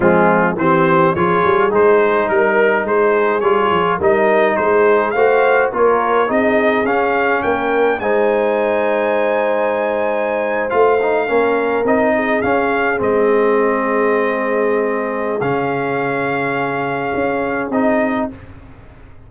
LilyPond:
<<
  \new Staff \with { instrumentName = "trumpet" } { \time 4/4 \tempo 4 = 105 f'4 c''4 cis''4 c''4 | ais'4 c''4 cis''4 dis''4 | c''4 f''4 cis''4 dis''4 | f''4 g''4 gis''2~ |
gis''2~ gis''8. f''4~ f''16~ | f''8. dis''4 f''4 dis''4~ dis''16~ | dis''2. f''4~ | f''2. dis''4 | }
  \new Staff \with { instrumentName = "horn" } { \time 4/4 c'4 g'4 gis'2 | ais'4 gis'2 ais'4 | gis'4 c''4 ais'4 gis'4~ | gis'4 ais'4 c''2~ |
c''2.~ c''8. ais'16~ | ais'4~ ais'16 gis'2~ gis'8.~ | gis'1~ | gis'1 | }
  \new Staff \with { instrumentName = "trombone" } { \time 4/4 gis4 c'4 f'4 dis'4~ | dis'2 f'4 dis'4~ | dis'4 fis'4 f'4 dis'4 | cis'2 dis'2~ |
dis'2~ dis'8. f'8 dis'8 cis'16~ | cis'8. dis'4 cis'4 c'4~ c'16~ | c'2. cis'4~ | cis'2. dis'4 | }
  \new Staff \with { instrumentName = "tuba" } { \time 4/4 f4 e4 f8 g8 gis4 | g4 gis4 g8 f8 g4 | gis4 a4 ais4 c'4 | cis'4 ais4 gis2~ |
gis2~ gis8. a4 ais16~ | ais8. c'4 cis'4 gis4~ gis16~ | gis2. cis4~ | cis2 cis'4 c'4 | }
>>